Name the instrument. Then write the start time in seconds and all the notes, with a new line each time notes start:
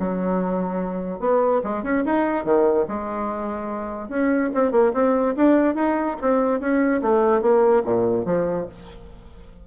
bassoon
0.00 F#3
1.20 B3
1.64 G#3
1.84 C#4
2.06 D#4
2.45 D#3
2.89 G#3
4.09 C#4
4.55 C4
4.72 A#3
4.94 C4
5.37 D4
5.75 D#4
6.22 C4
6.60 C#4
7.02 A3
7.42 A#3
7.85 A#2
8.26 F3